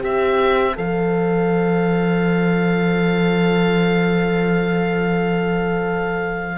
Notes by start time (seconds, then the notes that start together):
0.00 C4 G4 C5 E5
0.76 F3 A4 F5